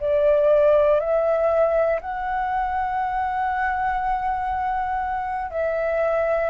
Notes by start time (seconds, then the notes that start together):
0.00 D5
1.00 E5
2.00 F#5
5.50 E5